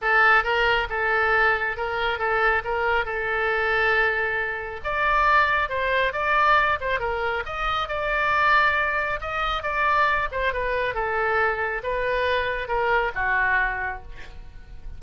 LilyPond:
\new Staff \with { instrumentName = "oboe" } { \time 4/4 \tempo 4 = 137 a'4 ais'4 a'2 | ais'4 a'4 ais'4 a'4~ | a'2. d''4~ | d''4 c''4 d''4. c''8 |
ais'4 dis''4 d''2~ | d''4 dis''4 d''4. c''8 | b'4 a'2 b'4~ | b'4 ais'4 fis'2 | }